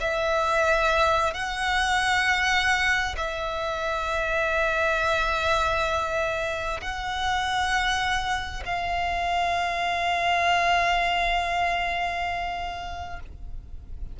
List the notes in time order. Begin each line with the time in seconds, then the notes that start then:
0.00 E5
1.33 F#5
3.17 E5
6.81 F#5
8.65 F5